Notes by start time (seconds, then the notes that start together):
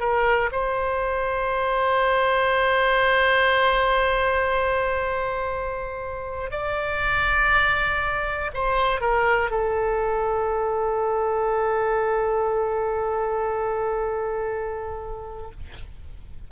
0.00 A#4
0.52 C5
6.52 D5
8.54 C5
9.01 A#4
9.51 A4